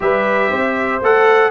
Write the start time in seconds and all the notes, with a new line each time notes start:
0.00 G3 G4 B4 E5
0.50 C4 C5
1.01 A3 A4 F#5